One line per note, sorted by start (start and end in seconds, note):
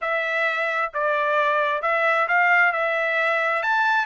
0.01 0.92 E5
0.93 1.82 D5
1.82 2.27 E5
2.28 2.72 F5
2.72 3.63 E5
3.63 4.05 A5